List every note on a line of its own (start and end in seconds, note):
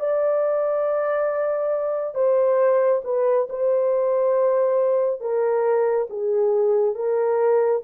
0.00 2.15 D5
2.15 3.02 C5
3.04 3.48 B4
3.50 5.21 C5
5.21 6.08 A#4
6.10 6.95 G#4
6.95 7.82 A#4